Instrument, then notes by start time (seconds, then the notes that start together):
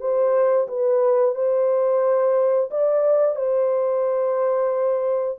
horn
0.00 C5
0.68 B4
1.35 C5
2.71 D5
3.36 C5